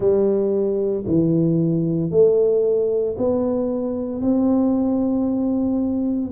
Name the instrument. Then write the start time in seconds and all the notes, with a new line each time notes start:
tuba
0.00 G3
1.06 E3
2.11 A3
3.18 B3
4.21 C4